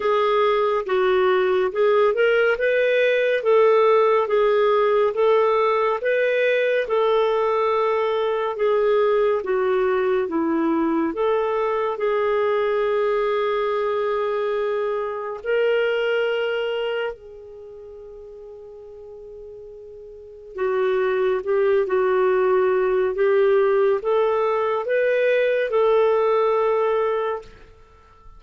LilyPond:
\new Staff \with { instrumentName = "clarinet" } { \time 4/4 \tempo 4 = 70 gis'4 fis'4 gis'8 ais'8 b'4 | a'4 gis'4 a'4 b'4 | a'2 gis'4 fis'4 | e'4 a'4 gis'2~ |
gis'2 ais'2 | gis'1 | fis'4 g'8 fis'4. g'4 | a'4 b'4 a'2 | }